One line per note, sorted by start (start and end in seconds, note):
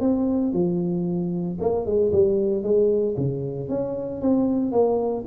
0.00 0.53 C4
0.53 1.58 F3
1.61 1.85 A#3
1.85 2.12 G#3
2.12 2.63 G3
2.63 3.15 G#3
3.17 3.69 C#3
3.69 4.21 C#4
4.21 4.72 C4
4.72 5.24 A#3